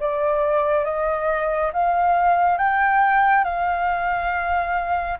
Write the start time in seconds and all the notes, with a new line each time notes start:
0.00 D5
0.85 D#5
1.73 F5
2.58 G5
3.44 F5